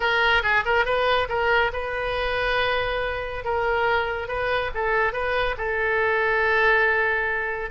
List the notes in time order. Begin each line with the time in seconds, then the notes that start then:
0.00 A#4
0.42 G#4
0.65 A#4
0.85 B4
1.28 A#4
1.72 B4
3.44 A#4
4.28 B4
4.74 A4
5.12 B4
5.57 A4